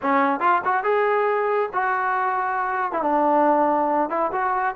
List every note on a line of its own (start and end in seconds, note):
0.01 0.40 C#4
0.40 0.61 F4
0.64 0.83 F#4
0.83 1.69 G#4
1.73 2.92 F#4
2.92 3.02 E4
3.02 4.09 D4
4.09 4.31 E4
4.31 4.75 F#4